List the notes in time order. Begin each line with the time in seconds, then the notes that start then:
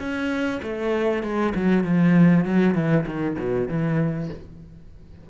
0.00 C#4
0.63 A3
1.23 G#3
1.55 F#3
1.84 F3
2.45 F#3
2.75 E3
3.07 D#3
3.39 B2
3.69 E3